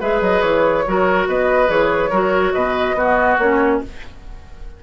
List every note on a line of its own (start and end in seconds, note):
0.00 0.21 G#3
0.00 0.85 G#4
0.00 0.85 B4
0.00 0.22 E5
0.21 0.42 F#3
0.21 0.41 D#5
0.41 0.85 E3
0.41 1.26 C#5
0.87 1.27 F#3
0.87 1.67 F#4
0.87 1.28 A#4
1.27 1.69 B3
1.27 2.10 B4
1.27 1.70 D#5
1.67 2.11 E3
1.67 2.09 G#4
1.67 2.53 C#5
2.10 2.53 F#3
2.10 2.97 F#4
2.10 2.52 A#4
2.53 2.94 B2
2.53 2.96 B4
2.53 3.37 D#5
2.94 3.36 B3
2.94 3.40 B3
2.94 3.82 F#4
3.38 3.81 A#3
3.38 3.83 C#4
3.38 3.81 C#5